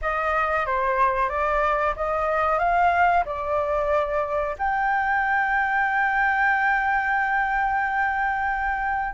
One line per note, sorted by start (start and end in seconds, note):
0.01 0.66 D#5
0.66 1.29 C5
1.29 1.94 D5
1.96 2.58 D#5
2.58 3.24 F5
3.25 4.55 D5
4.58 9.14 G5